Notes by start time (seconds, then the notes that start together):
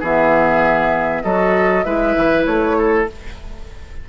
0.00 E3 B3 G#4 E5
1.23 F#3 F#4 A4 D#5
1.84 G#3 E4 B4 E5
2.17 E3
2.45 A3 C#5
2.78 A4